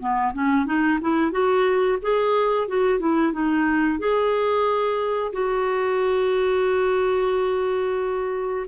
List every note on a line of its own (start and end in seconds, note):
0.00 0.33 B3
0.34 0.66 C#4
0.66 0.99 D#4
1.01 1.32 E4
1.32 1.98 F#4
2.02 2.68 G#4
2.68 2.99 F#4
2.99 3.33 E4
3.33 3.99 D#4
3.99 5.32 G#4
5.33 8.66 F#4